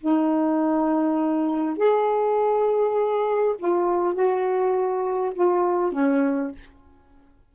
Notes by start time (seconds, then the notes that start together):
0.00 D#4
1.77 G#4
3.58 F4
4.14 F#4
5.34 F4
5.92 C#4